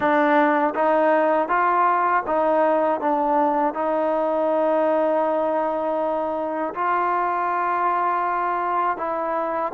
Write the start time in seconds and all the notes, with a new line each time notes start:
0.00 D4
0.74 D#4
1.48 F4
2.27 D#4
3.00 D4
3.73 D#4
6.74 F4
8.97 E4